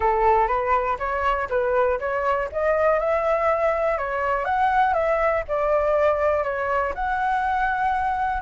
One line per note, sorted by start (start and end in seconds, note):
0.00 0.47 A4
0.47 0.97 B4
0.98 1.48 C#5
1.49 1.99 B4
1.99 2.49 C#5
2.52 2.99 D#5
2.99 3.97 E5
3.97 4.44 C#5
4.44 4.93 F#5
4.93 5.43 E5
5.47 6.43 D5
6.43 6.93 C#5
6.94 8.42 F#5